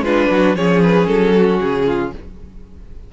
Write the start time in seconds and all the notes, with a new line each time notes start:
0.00 G#3 D4 F4 B4
0.31 F#3 F#4
0.56 F3 C#4 G#4 C#5
0.83 B4
1.07 F#3 A4
1.34 F#4
1.60 C#3 G#4
1.86 F4